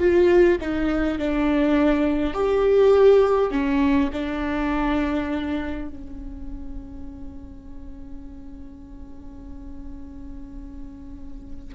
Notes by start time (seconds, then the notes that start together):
0.00 F4
0.61 D#4
1.19 D4
2.34 G4
3.52 C#4
4.13 D4
5.89 C#4